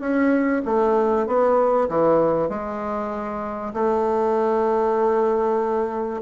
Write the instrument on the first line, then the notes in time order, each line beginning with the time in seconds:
bassoon
0.00 C#4
0.65 A3
1.27 B3
1.89 E3
2.49 G#3
3.74 A3